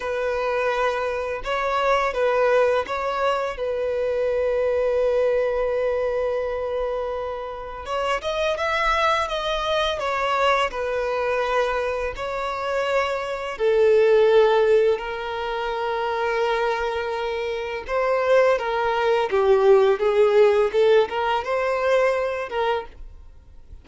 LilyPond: \new Staff \with { instrumentName = "violin" } { \time 4/4 \tempo 4 = 84 b'2 cis''4 b'4 | cis''4 b'2.~ | b'2. cis''8 dis''8 | e''4 dis''4 cis''4 b'4~ |
b'4 cis''2 a'4~ | a'4 ais'2.~ | ais'4 c''4 ais'4 g'4 | gis'4 a'8 ais'8 c''4. ais'8 | }